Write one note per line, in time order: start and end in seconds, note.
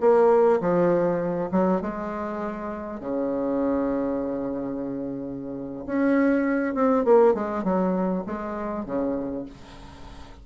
0.00 0.60 A#3
0.60 1.50 F3
1.51 1.81 F#3
1.81 3.00 G#3
3.00 5.85 C#3
5.86 6.75 C#4
6.75 7.04 C4
7.04 7.34 A#3
7.34 7.64 G#3
7.64 8.24 F#3
8.26 8.85 G#3
8.85 9.45 C#3